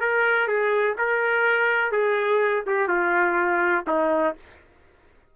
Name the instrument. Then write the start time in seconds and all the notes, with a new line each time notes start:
trumpet
0.00 A#4
0.48 G#4
0.98 A#4
1.92 G#4
2.67 G4
2.88 F4
3.87 D#4